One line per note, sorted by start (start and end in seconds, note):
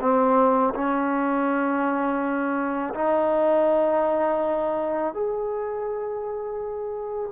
0.00 0.73 C4
0.74 2.93 C#4
2.94 5.13 D#4
5.13 7.31 G#4